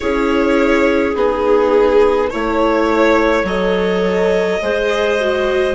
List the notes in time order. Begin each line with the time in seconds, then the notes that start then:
0.00 C#4 E4 G#4 C#5
1.15 B3 D#4 G#4
2.30 A3 E4 C#5
3.43 F#3 A4 D#5
4.62 G#3 G#4 C5
5.19 F#4